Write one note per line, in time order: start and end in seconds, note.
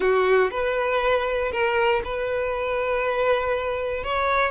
0.00 0.50 F#4
0.50 1.51 B4
1.51 2.02 A#4
2.04 4.03 B4
4.03 4.51 C#5